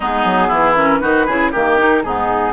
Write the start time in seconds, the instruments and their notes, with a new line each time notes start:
0.00 bassoon G#3, clarinet B3, oboe D#4, flute G#4
0.24 bassoon F#3
0.47 bassoon E3, oboe E4
0.76 clarinet C#4, flute A#4
0.99 bassoon D#3, clarinet D#4, oboe F#4, flute B4
1.26 bassoon C#3, clarinet E4, oboe G#4
1.51 bassoon D#3, clarinet A#3, oboe G4, flute A#4
1.78 clarinet D#4
2.03 bassoon G#2, clarinet B3, oboe D#4, flute G#4